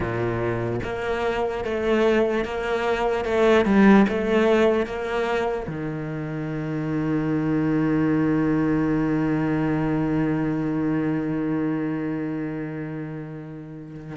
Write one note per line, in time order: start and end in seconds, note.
0.00 0.80 A#2
0.83 1.64 A#3
1.64 2.44 A3
2.44 3.24 A#3
3.24 3.65 A3
3.65 4.05 G3
4.08 4.85 A3
4.85 5.66 A#3
5.67 14.16 D#3